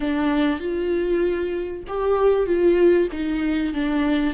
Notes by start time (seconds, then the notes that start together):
0.00 D4
0.60 F4
1.87 G4
2.46 F4
3.12 D#4
3.73 D4